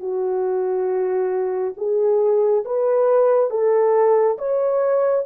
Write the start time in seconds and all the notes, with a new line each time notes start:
0.00 F#4
1.77 G#4
2.65 B4
3.51 A4
4.38 C#5